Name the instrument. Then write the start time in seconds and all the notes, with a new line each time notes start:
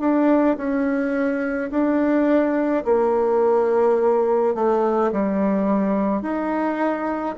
bassoon
0.00 D4
0.58 C#4
1.71 D4
2.85 A#3
4.55 A3
5.13 G3
6.22 D#4